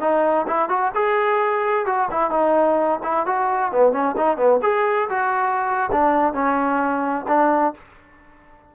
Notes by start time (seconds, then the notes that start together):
0.00 D#4
0.47 E4
0.69 F#4
0.94 G#4
1.85 F#4
2.11 E4
2.31 D#4
3.03 E4
3.26 F#4
3.72 B3
3.92 C#4
4.17 D#4
4.37 B3
4.62 G#4
5.09 F#4
5.92 D4
6.33 C#4
7.28 D4